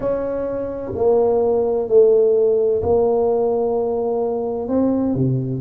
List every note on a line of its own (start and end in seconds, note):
0.00 0.92 C#4
0.95 1.88 A#3
1.88 2.82 A3
2.82 4.68 A#3
4.68 5.14 C4
5.14 5.61 C3